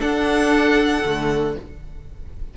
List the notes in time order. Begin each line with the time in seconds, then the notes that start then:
0.00 D4 A4 F#5
1.05 D3 A3